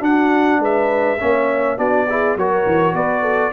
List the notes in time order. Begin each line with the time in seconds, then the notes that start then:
0.00 D4 F#4 F#5
0.59 G#3 B4 E5
1.20 A#3 C#4 C#5
1.77 B3 D4 F#4 D5
2.08 E4 G#4
2.36 F#3 F#4 A#4 C#5
2.66 E3
2.93 B3 B4 D5
3.22 A4